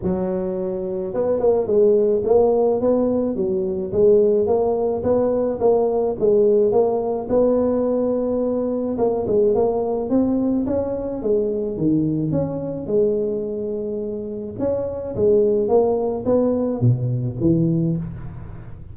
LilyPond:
\new Staff \with { instrumentName = "tuba" } { \time 4/4 \tempo 4 = 107 fis2 b8 ais8 gis4 | ais4 b4 fis4 gis4 | ais4 b4 ais4 gis4 | ais4 b2. |
ais8 gis8 ais4 c'4 cis'4 | gis4 dis4 cis'4 gis4~ | gis2 cis'4 gis4 | ais4 b4 b,4 e4 | }